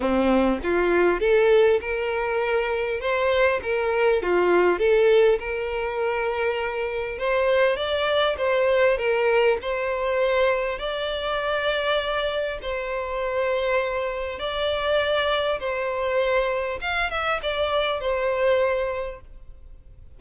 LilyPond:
\new Staff \with { instrumentName = "violin" } { \time 4/4 \tempo 4 = 100 c'4 f'4 a'4 ais'4~ | ais'4 c''4 ais'4 f'4 | a'4 ais'2. | c''4 d''4 c''4 ais'4 |
c''2 d''2~ | d''4 c''2. | d''2 c''2 | f''8 e''8 d''4 c''2 | }